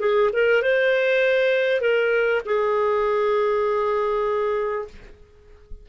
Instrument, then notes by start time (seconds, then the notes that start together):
clarinet
0.00 G#4
0.33 A#4
0.62 C5
1.81 A#4
2.45 G#4